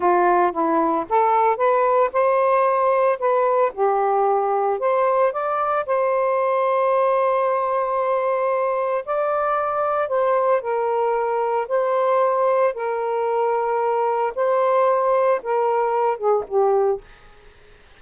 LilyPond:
\new Staff \with { instrumentName = "saxophone" } { \time 4/4 \tempo 4 = 113 f'4 e'4 a'4 b'4 | c''2 b'4 g'4~ | g'4 c''4 d''4 c''4~ | c''1~ |
c''4 d''2 c''4 | ais'2 c''2 | ais'2. c''4~ | c''4 ais'4. gis'8 g'4 | }